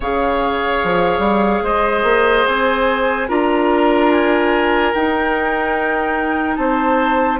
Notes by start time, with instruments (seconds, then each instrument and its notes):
0.00 bassoon C#3, clarinet G#4, oboe C#5, flute F5
0.83 bassoon F3
1.18 bassoon G3
1.62 bassoon G#3, oboe C5, flute D#5
2.03 bassoon A#3
2.46 bassoon C4, flute G#5
3.28 bassoon D4, clarinet F4, oboe A#4, flute A#5
4.11 flute G#5
4.94 bassoon D#4, clarinet D#4, flute G5
6.56 bassoon C4, oboe C5, flute A5